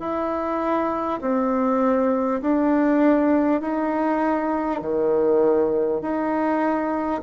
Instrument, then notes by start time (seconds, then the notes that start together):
bassoon
0.00 E4
1.22 C4
2.42 D4
3.61 D#4
4.82 D#3
6.02 D#4